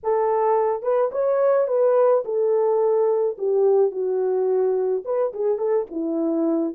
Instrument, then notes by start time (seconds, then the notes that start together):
horn
0.03 A4
0.82 B4
1.11 C#5
1.67 B4
2.24 A4
3.38 G4
3.91 F#4
5.05 B4
5.33 G#4
5.58 A4
5.90 E4